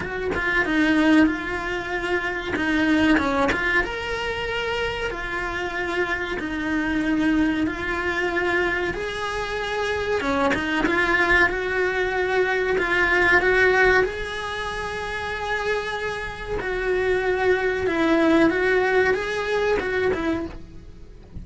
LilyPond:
\new Staff \with { instrumentName = "cello" } { \time 4/4 \tempo 4 = 94 fis'8 f'8 dis'4 f'2 | dis'4 cis'8 f'8 ais'2 | f'2 dis'2 | f'2 gis'2 |
cis'8 dis'8 f'4 fis'2 | f'4 fis'4 gis'2~ | gis'2 fis'2 | e'4 fis'4 gis'4 fis'8 e'8 | }